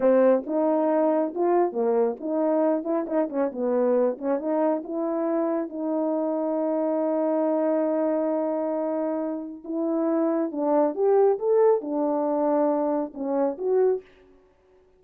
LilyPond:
\new Staff \with { instrumentName = "horn" } { \time 4/4 \tempo 4 = 137 c'4 dis'2 f'4 | ais4 dis'4. e'8 dis'8 cis'8 | b4. cis'8 dis'4 e'4~ | e'4 dis'2.~ |
dis'1~ | dis'2 e'2 | d'4 g'4 a'4 d'4~ | d'2 cis'4 fis'4 | }